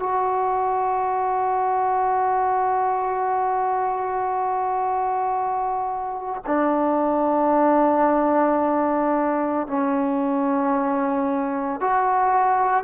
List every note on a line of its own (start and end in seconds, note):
0.00 6.43 F#4
6.47 9.68 D4
9.68 11.81 C#4
11.81 12.84 F#4